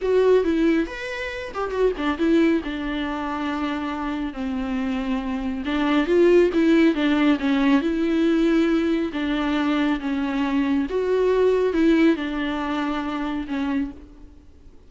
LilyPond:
\new Staff \with { instrumentName = "viola" } { \time 4/4 \tempo 4 = 138 fis'4 e'4 b'4. g'8 | fis'8 d'8 e'4 d'2~ | d'2 c'2~ | c'4 d'4 f'4 e'4 |
d'4 cis'4 e'2~ | e'4 d'2 cis'4~ | cis'4 fis'2 e'4 | d'2. cis'4 | }